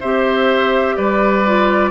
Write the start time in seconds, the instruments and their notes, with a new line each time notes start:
0.00 bassoon C4, clarinet G4, oboe C5, flute E5
0.96 bassoon G3, oboe B4, flute D5
1.46 clarinet F4